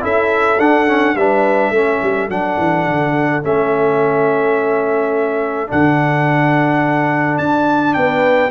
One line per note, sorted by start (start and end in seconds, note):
0.00 0.58 C#4
0.00 0.57 E4
0.00 1.16 A4
0.00 0.59 E5
0.58 1.15 D4
0.58 0.87 D4
0.58 1.16 F#5
0.87 1.15 C#4
1.15 1.70 G3
1.15 1.74 D4
1.15 1.73 B4
1.15 2.29 E5
1.70 1.98 A3
1.70 2.29 C#4
1.70 7.96 A4
2.02 2.29 G3
2.29 2.57 F#3
2.29 3.42 D4
2.29 3.43 F#5
2.57 2.86 E3
2.86 3.43 D3
3.43 5.71 A3
3.43 5.67 C#4
3.43 5.71 E5
5.67 7.39 D3
5.67 8.50 D4
5.67 7.37 F#5
7.37 7.95 D4
7.37 7.94 A5
7.94 8.50 B3
7.94 8.50 B4
7.94 8.50 G5